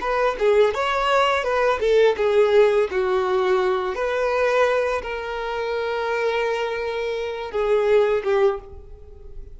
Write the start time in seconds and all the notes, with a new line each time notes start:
0.00 B4
0.39 G#4
0.74 C#5
1.44 B4
1.80 A4
2.17 G#4
2.91 F#4
3.94 B4
5.02 A#4
7.51 G#4
8.23 G4